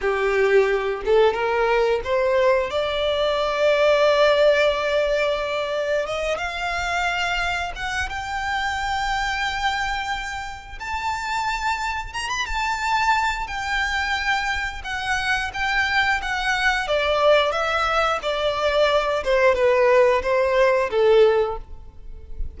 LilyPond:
\new Staff \with { instrumentName = "violin" } { \time 4/4 \tempo 4 = 89 g'4. a'8 ais'4 c''4 | d''1~ | d''4 dis''8 f''2 fis''8 | g''1 |
a''2 ais''16 b''16 a''4. | g''2 fis''4 g''4 | fis''4 d''4 e''4 d''4~ | d''8 c''8 b'4 c''4 a'4 | }